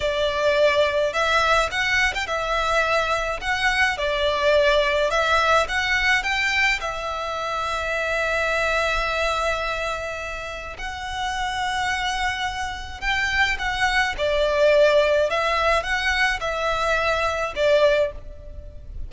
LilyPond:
\new Staff \with { instrumentName = "violin" } { \time 4/4 \tempo 4 = 106 d''2 e''4 fis''8. g''16 | e''2 fis''4 d''4~ | d''4 e''4 fis''4 g''4 | e''1~ |
e''2. fis''4~ | fis''2. g''4 | fis''4 d''2 e''4 | fis''4 e''2 d''4 | }